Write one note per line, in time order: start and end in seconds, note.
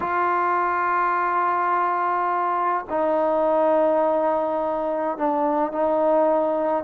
0.00 2.85 F4
2.89 5.17 D#4
5.17 5.72 D4
5.72 6.84 D#4